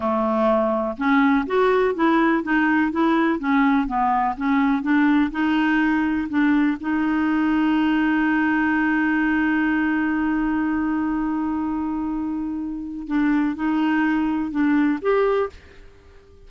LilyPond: \new Staff \with { instrumentName = "clarinet" } { \time 4/4 \tempo 4 = 124 a2 cis'4 fis'4 | e'4 dis'4 e'4 cis'4 | b4 cis'4 d'4 dis'4~ | dis'4 d'4 dis'2~ |
dis'1~ | dis'1~ | dis'2. d'4 | dis'2 d'4 g'4 | }